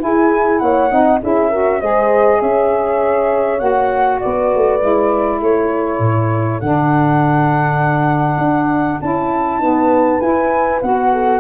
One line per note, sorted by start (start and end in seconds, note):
0.00 0.90 E4
0.00 0.62 E4
0.00 0.62 G#4
0.00 0.59 G#5
0.59 0.92 A#3
0.59 0.92 C#5
0.59 1.19 F#5
0.90 1.22 C4
0.90 1.20 D#4
0.90 1.22 D#5
1.22 1.82 C#4
1.22 1.52 E4
1.22 1.50 G#4
1.22 1.81 E5
1.50 1.82 F#4
1.50 1.80 A#4
1.81 2.42 G#3
1.81 3.59 G#4
1.81 2.41 C5
1.81 2.41 D#5
2.41 3.62 C#4
2.41 4.21 C#5
2.41 3.60 E5
3.59 4.22 A#3
3.59 4.79 F#4
3.59 4.20 F#5
4.20 4.55 B3
4.20 5.41 B4
4.20 5.40 D5
4.55 4.83 A3
4.80 5.42 G#3
4.80 6.60 E4
5.41 6.00 A3
5.41 9.60 A4
5.41 6.61 C#5
6.00 6.60 A2
6.61 8.38 D3
6.61 9.02 D4
6.61 9.01 F#5
8.38 8.98 D4
9.01 9.59 C#4
9.01 9.61 E4
9.01 10.20 A5
9.59 10.21 B3
9.59 10.19 D#4
9.59 11.10 B4
10.20 10.81 E4
10.20 10.82 E4
10.20 10.80 G#5
10.82 11.40 B3
10.82 11.40 F#4
10.82 11.40 F#5
11.13 11.40 A4